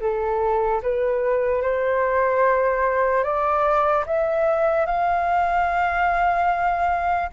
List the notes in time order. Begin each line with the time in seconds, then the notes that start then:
0.00 A4
0.82 B4
1.62 C5
3.23 D5
4.06 E5
4.86 F5